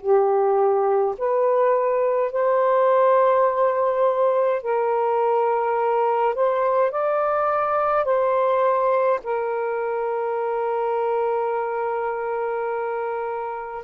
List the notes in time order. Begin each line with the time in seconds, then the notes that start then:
0.00 G4
1.18 B4
2.32 C5
4.63 A#4
6.35 C5
6.91 D5
8.05 C5
9.23 A#4